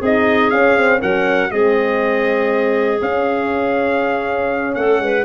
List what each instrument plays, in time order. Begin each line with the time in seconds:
0.00 tuba C4, horn D#4, clarinet G#4, trumpet D#5
0.50 tuba C#4, horn C#4, trumpet F5
0.77 horn C4
0.99 tuba F#3, horn C#4, clarinet A#4, trumpet F#5
1.51 tuba G#3, horn C4, clarinet G#4, trumpet D#5
3.02 tuba C#4, horn C#4, trumpet F5
4.75 tuba A3, clarinet A4, trumpet F#5
5.00 tuba G#3, clarinet B4